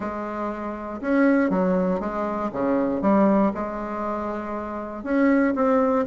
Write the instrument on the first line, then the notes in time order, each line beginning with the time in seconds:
bassoon
0.00 G#3
1.01 C#4
1.50 F#3
2.00 G#3
2.52 C#3
3.01 G3
3.54 G#3
5.03 C#4
5.55 C4